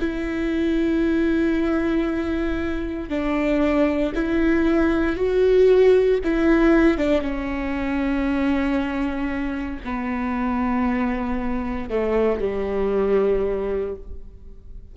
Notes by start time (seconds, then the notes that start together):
0.00 E4
3.09 D4
4.15 E4
5.16 F#4
6.24 E4
6.97 D4
7.21 C#4
9.84 B3
11.89 A3
12.39 G3